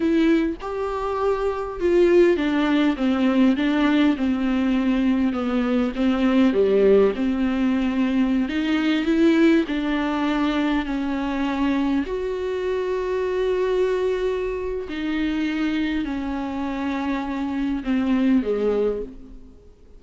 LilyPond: \new Staff \with { instrumentName = "viola" } { \time 4/4 \tempo 4 = 101 e'4 g'2 f'4 | d'4 c'4 d'4 c'4~ | c'4 b4 c'4 g4 | c'2~ c'16 dis'4 e'8.~ |
e'16 d'2 cis'4.~ cis'16~ | cis'16 fis'2.~ fis'8.~ | fis'4 dis'2 cis'4~ | cis'2 c'4 gis4 | }